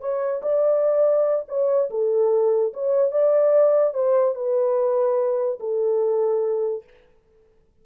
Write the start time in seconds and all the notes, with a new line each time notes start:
0.00 C#5
0.42 D5
1.48 C#5
1.90 A4
2.73 C#5
3.11 D5
3.94 C5
4.35 B4
5.60 A4